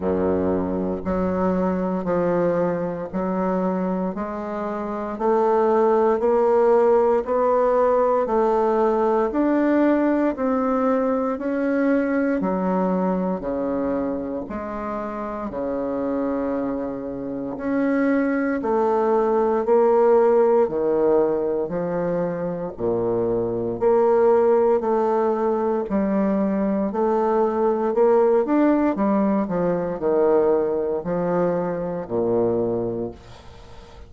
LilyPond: \new Staff \with { instrumentName = "bassoon" } { \time 4/4 \tempo 4 = 58 fis,4 fis4 f4 fis4 | gis4 a4 ais4 b4 | a4 d'4 c'4 cis'4 | fis4 cis4 gis4 cis4~ |
cis4 cis'4 a4 ais4 | dis4 f4 ais,4 ais4 | a4 g4 a4 ais8 d'8 | g8 f8 dis4 f4 ais,4 | }